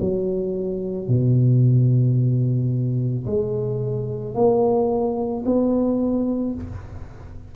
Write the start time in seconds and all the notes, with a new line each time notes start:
0.00 F#3
1.08 B2
3.26 G#3
4.34 A#3
5.45 B3